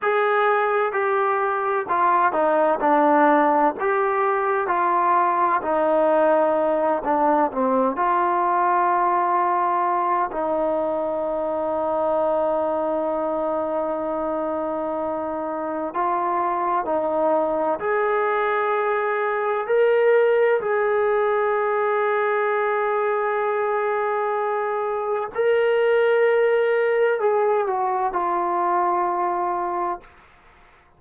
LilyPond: \new Staff \with { instrumentName = "trombone" } { \time 4/4 \tempo 4 = 64 gis'4 g'4 f'8 dis'8 d'4 | g'4 f'4 dis'4. d'8 | c'8 f'2~ f'8 dis'4~ | dis'1~ |
dis'4 f'4 dis'4 gis'4~ | gis'4 ais'4 gis'2~ | gis'2. ais'4~ | ais'4 gis'8 fis'8 f'2 | }